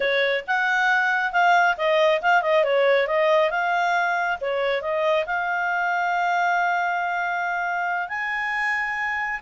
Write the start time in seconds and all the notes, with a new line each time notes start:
0.00 C#5
0.47 F#5
1.32 F5
1.77 D#5
2.21 F5
2.41 D#5
2.64 C#5
3.07 D#5
3.50 F5
4.40 C#5
4.81 D#5
5.26 F5
8.08 G#5